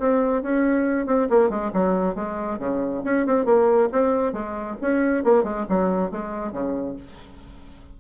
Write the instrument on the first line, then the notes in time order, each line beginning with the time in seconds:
bassoon
0.00 C4
0.43 C#4
1.07 C4
1.30 A#3
1.50 G#3
1.74 F#3
2.16 G#3
2.59 C#3
3.05 C#4
3.27 C4
3.46 A#3
3.92 C4
4.33 G#3
4.82 C#4
5.25 A#3
5.44 G#3
5.70 F#3
6.12 G#3
6.53 C#3